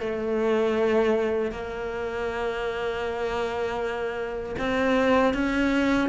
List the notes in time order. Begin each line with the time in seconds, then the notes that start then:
0.00 A3
1.52 A#3
4.59 C4
5.34 C#4